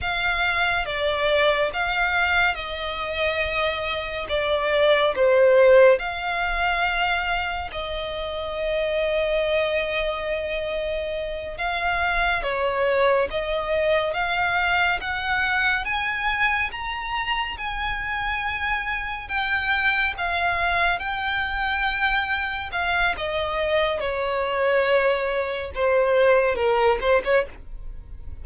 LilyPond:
\new Staff \with { instrumentName = "violin" } { \time 4/4 \tempo 4 = 70 f''4 d''4 f''4 dis''4~ | dis''4 d''4 c''4 f''4~ | f''4 dis''2.~ | dis''4. f''4 cis''4 dis''8~ |
dis''8 f''4 fis''4 gis''4 ais''8~ | ais''8 gis''2 g''4 f''8~ | f''8 g''2 f''8 dis''4 | cis''2 c''4 ais'8 c''16 cis''16 | }